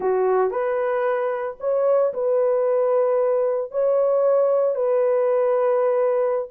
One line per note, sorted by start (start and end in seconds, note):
0.00 0.50 F#4
0.50 1.57 B4
1.60 2.13 C#5
2.13 3.71 B4
3.71 4.75 C#5
4.75 6.48 B4